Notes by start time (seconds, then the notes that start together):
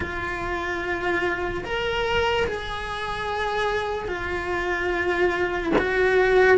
0.00 F4
1.64 A#4
2.47 G#4
4.08 F4
5.78 F#4